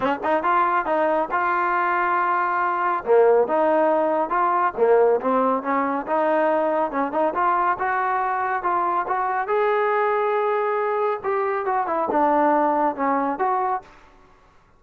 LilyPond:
\new Staff \with { instrumentName = "trombone" } { \time 4/4 \tempo 4 = 139 cis'8 dis'8 f'4 dis'4 f'4~ | f'2. ais4 | dis'2 f'4 ais4 | c'4 cis'4 dis'2 |
cis'8 dis'8 f'4 fis'2 | f'4 fis'4 gis'2~ | gis'2 g'4 fis'8 e'8 | d'2 cis'4 fis'4 | }